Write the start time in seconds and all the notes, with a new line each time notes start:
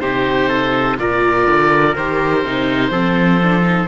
0.00 C3 D#4 G4 C5
0.49 A4
0.98 A#2 F4 A#4 D5
1.46 D3
1.96 D#3 G4 C5
2.44 C3 D#4
2.90 F3 C4 A4
3.42 D4
3.62 D#4